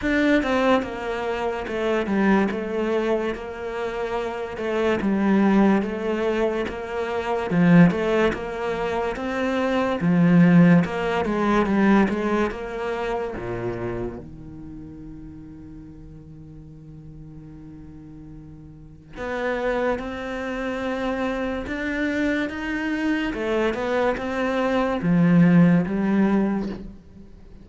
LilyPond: \new Staff \with { instrumentName = "cello" } { \time 4/4 \tempo 4 = 72 d'8 c'8 ais4 a8 g8 a4 | ais4. a8 g4 a4 | ais4 f8 a8 ais4 c'4 | f4 ais8 gis8 g8 gis8 ais4 |
ais,4 dis2.~ | dis2. b4 | c'2 d'4 dis'4 | a8 b8 c'4 f4 g4 | }